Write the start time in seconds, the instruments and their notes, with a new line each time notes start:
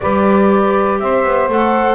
0.00 double bass G3, clarinet G4, saxophone B4, flute D5
0.99 double bass C4, saxophone C5, flute E5
1.24 double bass B3
1.48 double bass A3, clarinet A4, flute F#5